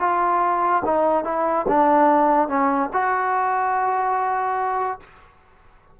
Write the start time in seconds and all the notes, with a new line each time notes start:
0.00 F4
0.85 D#4
1.25 E4
1.69 D4
2.48 C#4
2.93 F#4